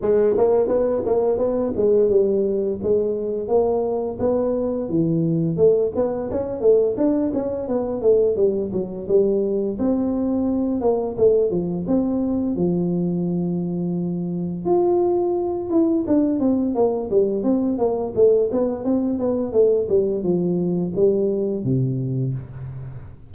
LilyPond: \new Staff \with { instrumentName = "tuba" } { \time 4/4 \tempo 4 = 86 gis8 ais8 b8 ais8 b8 gis8 g4 | gis4 ais4 b4 e4 | a8 b8 cis'8 a8 d'8 cis'8 b8 a8 | g8 fis8 g4 c'4. ais8 |
a8 f8 c'4 f2~ | f4 f'4. e'8 d'8 c'8 | ais8 g8 c'8 ais8 a8 b8 c'8 b8 | a8 g8 f4 g4 c4 | }